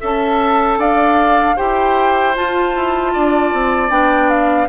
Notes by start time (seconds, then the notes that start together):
0.00 C#4 A4 E5 A5
0.78 D4 D5 F5
1.56 E4 G4 C5 G5
2.36 F4 A5
2.76 E4
3.14 D4 D5
3.53 C4
3.90 B3 D4 G5
4.30 F5